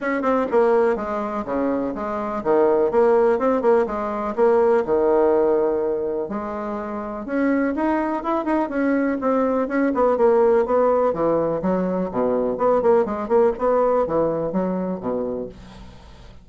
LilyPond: \new Staff \with { instrumentName = "bassoon" } { \time 4/4 \tempo 4 = 124 cis'8 c'8 ais4 gis4 cis4 | gis4 dis4 ais4 c'8 ais8 | gis4 ais4 dis2~ | dis4 gis2 cis'4 |
dis'4 e'8 dis'8 cis'4 c'4 | cis'8 b8 ais4 b4 e4 | fis4 b,4 b8 ais8 gis8 ais8 | b4 e4 fis4 b,4 | }